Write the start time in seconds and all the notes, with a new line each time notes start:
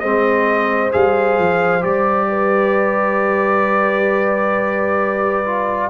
0.00 G#3 C4 C5 D#5
0.91 G3 G#4 F5
1.39 F3
1.81 G3 G4 D5
2.29 B4
5.46 F4